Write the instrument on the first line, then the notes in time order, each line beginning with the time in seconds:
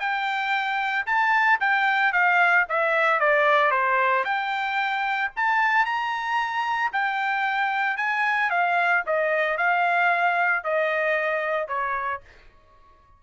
trumpet
0.00 G5
1.07 A5
1.60 G5
2.13 F5
2.70 E5
3.20 D5
3.71 C5
4.25 G5
5.37 A5
5.86 A#5
6.93 G5
7.98 G#5
8.51 F5
9.07 D#5
9.58 F5
10.64 D#5
11.68 C#5